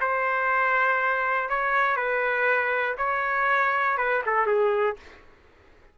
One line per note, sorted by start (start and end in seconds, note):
0.00 1.49 C5
1.49 1.96 C#5
1.96 2.96 B4
2.97 3.97 C#5
3.97 4.22 B4
4.25 4.46 A4
4.46 4.96 G#4